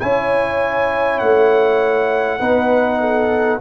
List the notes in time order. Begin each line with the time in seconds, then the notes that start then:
0.00 C#4 E4 C#5 G#5
1.19 A3 F#5
2.40 B3 D#4 B4
3.00 A4